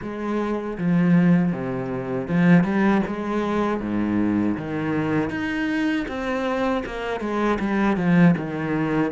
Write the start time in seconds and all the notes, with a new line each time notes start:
0.01 G#3
0.78 F3
1.52 C3
2.27 F3
2.63 G3
3.06 G#3
3.80 G#2
4.57 D#3
5.30 D#4
6.08 C4
6.85 A#3
7.20 G#3
7.59 G3
7.96 F3
8.37 D#3